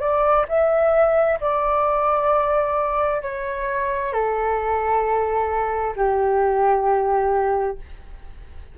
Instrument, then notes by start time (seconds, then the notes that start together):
flute
0.00 D5
0.48 E5
1.40 D5
3.22 C#5
4.12 A4
5.95 G4